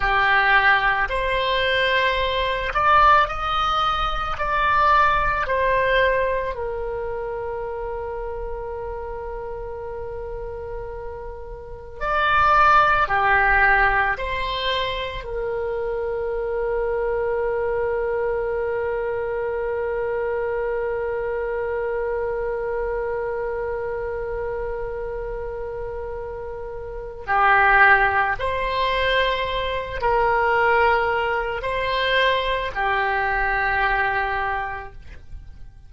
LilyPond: \new Staff \with { instrumentName = "oboe" } { \time 4/4 \tempo 4 = 55 g'4 c''4. d''8 dis''4 | d''4 c''4 ais'2~ | ais'2. d''4 | g'4 c''4 ais'2~ |
ais'1~ | ais'1~ | ais'4 g'4 c''4. ais'8~ | ais'4 c''4 g'2 | }